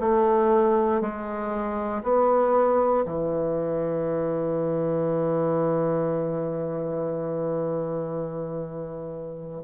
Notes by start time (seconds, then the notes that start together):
0.00 A3
1.01 G#3
2.03 B3
3.05 E3